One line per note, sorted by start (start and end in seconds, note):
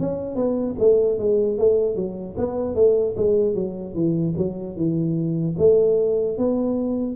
0.00 0.36 C#4
0.36 0.76 B3
0.79 1.19 A3
1.19 1.59 G#3
1.59 1.96 A3
1.96 2.36 F#3
2.38 2.76 B3
2.76 3.16 A3
3.17 3.55 G#3
3.55 3.95 F#3
3.95 4.35 E3
4.38 4.77 F#3
4.77 5.57 E3
5.59 6.38 A3
6.38 7.16 B3